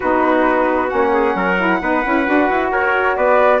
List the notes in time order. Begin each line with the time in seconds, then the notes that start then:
0.00 B3 D#4 F#4 B4
0.88 A#3 C#4 F#5
1.13 G#4
1.34 F#3 A#4
1.58 E4
1.81 B3 D#4 B4
2.04 C#4 E4
2.24 D4 F#4
2.49 E4
2.71 F#4 A#4 C#5
3.15 B3 B4 D5